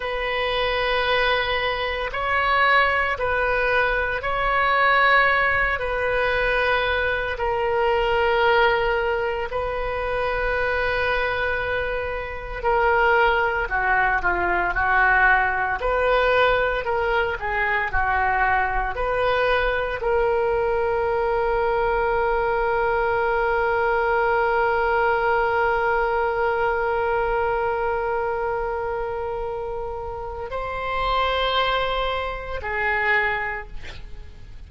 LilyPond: \new Staff \with { instrumentName = "oboe" } { \time 4/4 \tempo 4 = 57 b'2 cis''4 b'4 | cis''4. b'4. ais'4~ | ais'4 b'2. | ais'4 fis'8 f'8 fis'4 b'4 |
ais'8 gis'8 fis'4 b'4 ais'4~ | ais'1~ | ais'1~ | ais'4 c''2 gis'4 | }